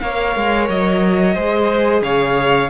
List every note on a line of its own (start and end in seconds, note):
0.00 0.36 A#3
0.00 1.35 A#4
0.00 1.34 C#5
0.00 0.67 F5
0.36 0.69 G#3
0.69 1.36 F#3
0.69 2.03 D#5
1.34 2.01 G#3
1.34 2.70 G#4
1.34 2.02 C5
2.01 2.69 C#3
2.01 2.70 C#5
2.01 2.70 F5